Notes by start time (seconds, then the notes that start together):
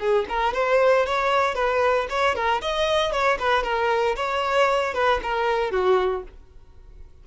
0.00 G#4
0.29 A#4
0.54 C5
1.06 C#5
1.55 B4
2.10 C#5
2.35 A#4
2.62 D#5
3.12 C#5
3.39 B4
3.64 A#4
4.16 C#5
4.94 B4
5.23 A#4
5.72 F#4